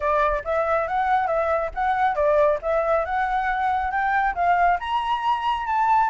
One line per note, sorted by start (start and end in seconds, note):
0.00 0.42 D5
0.44 0.87 E5
0.87 1.27 F#5
1.27 1.70 E5
1.74 2.15 F#5
2.15 2.58 D5
2.62 3.05 E5
3.05 3.91 F#5
3.91 4.34 G5
4.35 4.78 F5
4.79 5.66 A#5
5.66 6.09 A5